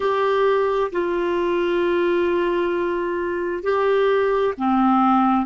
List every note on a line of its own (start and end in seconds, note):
0.00 0.91 G4
0.92 3.63 F4
3.63 4.54 G4
4.57 5.45 C4